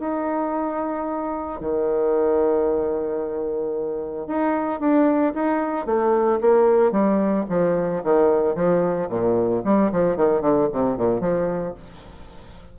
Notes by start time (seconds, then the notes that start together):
0.00 D#4
1.60 D#3
4.27 D#4
4.80 D4
5.34 D#4
5.86 A3
6.41 A#3
6.92 G3
7.49 F3
8.04 D#3
8.55 F3
9.09 A#2
9.65 G3
9.92 F3
10.17 D#3
10.41 D3
10.72 C3
10.97 A#2
11.21 F3